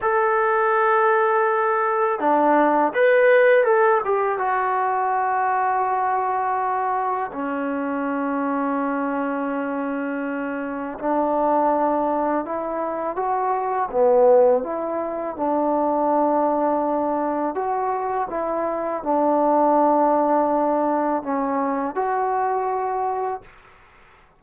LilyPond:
\new Staff \with { instrumentName = "trombone" } { \time 4/4 \tempo 4 = 82 a'2. d'4 | b'4 a'8 g'8 fis'2~ | fis'2 cis'2~ | cis'2. d'4~ |
d'4 e'4 fis'4 b4 | e'4 d'2. | fis'4 e'4 d'2~ | d'4 cis'4 fis'2 | }